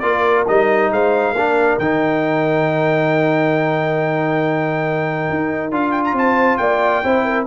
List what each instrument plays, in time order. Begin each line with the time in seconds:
0.00 tuba A#3, trombone F4, horn A#4, trumpet D5
0.48 tuba G3, trombone D#4, trumpet D#5
0.91 tuba G#3, horn C5, trumpet F5
1.32 tuba A#3, trombone D4, horn A#4
1.78 tuba D#3, trombone D#4, trumpet G5
5.30 tuba D#4
5.72 tuba D4, trombone F4, trumpet F5
5.91 trumpet G5
6.04 trumpet A#5
6.13 tuba C4, horn C5, trumpet A5
6.58 tuba A#3, horn D5, trumpet G5
7.04 tuba C4, trombone E4, horn C5
7.25 horn A#4